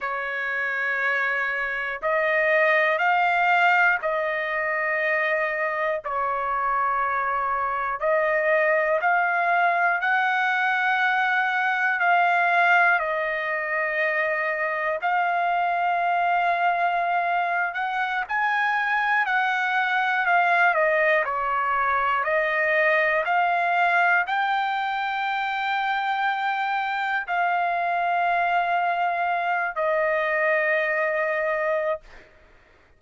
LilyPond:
\new Staff \with { instrumentName = "trumpet" } { \time 4/4 \tempo 4 = 60 cis''2 dis''4 f''4 | dis''2 cis''2 | dis''4 f''4 fis''2 | f''4 dis''2 f''4~ |
f''4.~ f''16 fis''8 gis''4 fis''8.~ | fis''16 f''8 dis''8 cis''4 dis''4 f''8.~ | f''16 g''2. f''8.~ | f''4.~ f''16 dis''2~ dis''16 | }